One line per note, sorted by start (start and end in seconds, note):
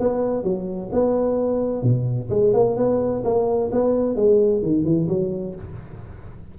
0.00 0.44 B3
0.44 0.90 F#3
0.92 1.83 B3
1.83 2.29 B2
2.30 2.53 G#3
2.53 2.77 A#3
2.77 3.23 B3
3.24 3.71 A#3
3.72 4.16 B3
4.16 4.62 G#3
4.62 4.85 D#3
4.85 5.08 E3
5.08 5.55 F#3